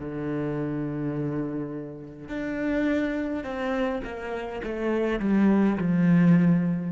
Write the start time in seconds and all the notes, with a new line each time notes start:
0.00 D3
2.29 D4
3.45 C4
4.05 A#3
4.64 A3
5.20 G3
5.78 F3